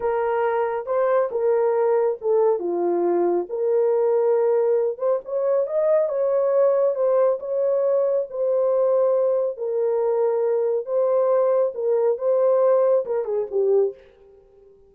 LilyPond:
\new Staff \with { instrumentName = "horn" } { \time 4/4 \tempo 4 = 138 ais'2 c''4 ais'4~ | ais'4 a'4 f'2 | ais'2.~ ais'8 c''8 | cis''4 dis''4 cis''2 |
c''4 cis''2 c''4~ | c''2 ais'2~ | ais'4 c''2 ais'4 | c''2 ais'8 gis'8 g'4 | }